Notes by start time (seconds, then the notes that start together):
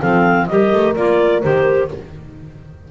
0.00 F3 C4 A4 F5
0.47 G3 G4 A#4 D#5
0.73 A3
0.96 A#3 F4 D5
1.42 D#3 G4 C5